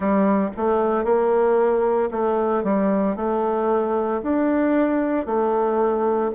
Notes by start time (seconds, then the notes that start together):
0.00 G3
0.56 A3
1.04 A#3
2.11 A3
2.63 G3
3.16 A3
4.22 D4
5.26 A3